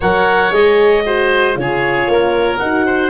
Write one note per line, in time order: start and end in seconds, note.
0.00 0.51 F#3
0.00 0.51 A#4
0.00 1.03 C#5
0.00 0.52 F#5
0.51 1.55 G#3
0.51 1.03 G#4
0.51 1.57 D#5
1.05 1.54 F#4
1.05 1.58 C5
1.54 2.07 C#3
1.54 2.58 F4
1.54 2.58 C#5
1.61 2.11 G#4
2.07 2.59 A#3
2.07 2.86 A#4
2.58 3.10 D#4
2.58 3.10 F#4
2.58 3.10 F#5
2.86 3.10 C5